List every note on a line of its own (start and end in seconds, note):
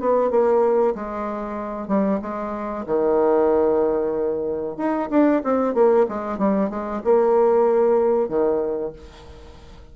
0.00 0.31 B3
0.31 0.95 A#3
0.95 1.88 G#3
1.88 2.20 G3
2.22 2.86 G#3
2.86 4.78 D#3
4.78 5.09 D#4
5.10 5.42 D4
5.44 5.74 C4
5.74 6.06 A#3
6.09 6.39 G#3
6.39 6.70 G3
6.70 7.02 G#3
7.04 8.29 A#3
8.29 8.93 D#3